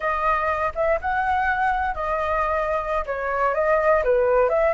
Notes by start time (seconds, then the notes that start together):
0.00 D#5
0.75 E5
1.01 F#5
1.94 D#5
3.06 C#5
3.54 D#5
4.04 B4
4.49 E5